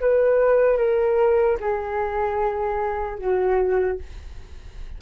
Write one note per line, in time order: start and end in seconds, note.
0.00 0.77 B4
0.77 1.57 A#4
1.60 3.19 G#4
3.19 3.99 F#4